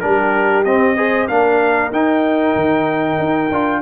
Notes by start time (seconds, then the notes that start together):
0.00 G3 D4 G4 A#4
0.64 C4 D#5
0.96 G#4 C5
1.28 A#3 D4 A#4 F5
1.91 D#4 G5
2.55 D#3
3.19 D#4
3.51 D4 F4